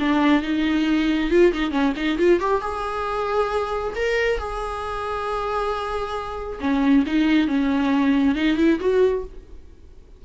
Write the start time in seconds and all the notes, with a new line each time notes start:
0.00 D4
0.43 D#4
1.31 F4
1.53 D#4
1.71 C#4
1.97 D#4
2.19 F4
2.41 G4
2.62 G#4
3.96 A#4
4.39 G#4
6.61 C#4
7.07 D#4
7.48 C#4
8.36 D#4
8.58 E4
8.80 F#4